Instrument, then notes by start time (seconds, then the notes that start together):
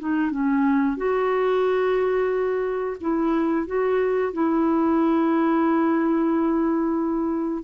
clarinet
0.00 D#4
0.32 C#4
0.97 F#4
3.01 E4
3.67 F#4
4.33 E4